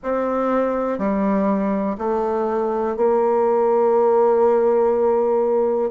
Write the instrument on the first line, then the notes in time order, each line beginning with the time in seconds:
bassoon
0.03 C4
0.98 G3
1.98 A3
2.96 A#3